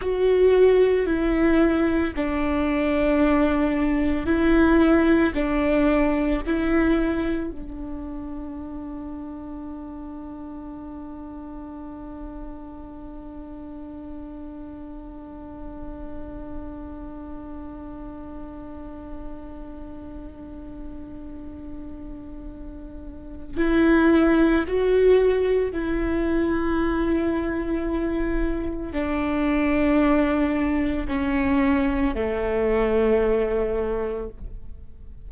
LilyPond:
\new Staff \with { instrumentName = "viola" } { \time 4/4 \tempo 4 = 56 fis'4 e'4 d'2 | e'4 d'4 e'4 d'4~ | d'1~ | d'1~ |
d'1~ | d'2 e'4 fis'4 | e'2. d'4~ | d'4 cis'4 a2 | }